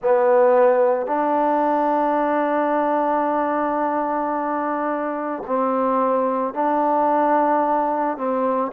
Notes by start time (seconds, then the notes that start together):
0.02 B3
1.06 D4
5.46 C4
6.54 D4
8.17 C4